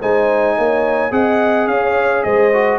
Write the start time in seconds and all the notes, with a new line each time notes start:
0.00 G#3 D#4 C5 G#5
0.57 A#3 C#5
1.11 C4 G#4 D#5 F#5
1.67 C#4 C#5 F5
2.23 G#3 C5 D#5
2.53 F#4